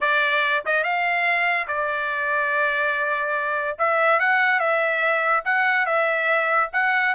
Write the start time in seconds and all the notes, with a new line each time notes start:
0.01 D5
0.65 D#5
0.83 F5
1.67 D5
3.78 E5
4.19 F#5
4.59 E5
5.44 F#5
5.86 E5
6.72 F#5